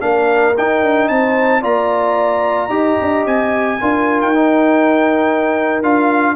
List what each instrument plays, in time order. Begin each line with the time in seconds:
0.00 tuba A#3, trombone D4, horn A#4, trumpet F5
0.57 trombone D#4, tuba D#4, trumpet G5
0.82 tuba D4
1.08 tuba C4, horn C5, trumpet A5
1.60 tuba A#3, trombone F4, horn D5, trumpet A#5
2.68 tuba D#4, trombone G4, horn D#5
3.00 tuba D4
3.25 tuba C4, trumpet G#5
3.80 tuba D4, trombone F4, horn A#4
4.20 tuba D#4, trumpet G5
4.34 trombone D#4
5.83 tuba D4, trombone F4, trumpet F5